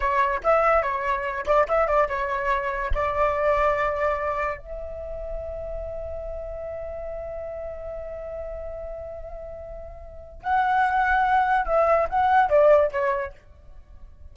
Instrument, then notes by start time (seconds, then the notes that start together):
flute
0.00 C#5
0.43 E5
0.82 C#5
1.46 D5
1.68 E5
1.87 D5
2.08 C#5
2.94 D5
4.58 E5
10.43 F#5
11.65 E5
12.09 F#5
12.49 D5
12.91 C#5